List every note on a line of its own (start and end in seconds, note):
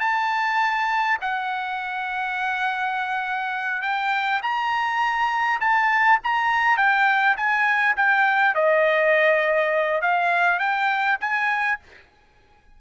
0.00 1.18 A5
1.21 3.82 F#5
3.82 4.41 G5
4.43 5.60 A#5
5.61 6.20 A5
6.24 6.77 A#5
6.77 7.36 G5
7.37 7.96 G#5
7.97 8.55 G5
8.55 10.02 D#5
10.02 10.59 F5
10.59 11.18 G5
11.21 11.79 G#5